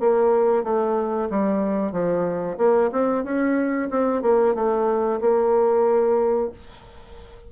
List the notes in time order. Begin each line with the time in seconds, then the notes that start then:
0.00 A#3
0.64 A3
1.30 G3
1.92 F3
2.58 A#3
2.92 C4
3.24 C#4
3.91 C4
4.22 A#3
4.55 A3
5.21 A#3